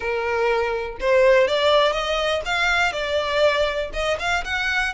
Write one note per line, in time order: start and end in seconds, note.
0.00 0.97 A#4
1.00 1.47 C5
1.47 1.92 D5
1.92 2.41 D#5
2.45 2.92 F5
2.92 3.90 D5
3.93 4.17 D#5
4.19 4.44 F5
4.44 4.93 F#5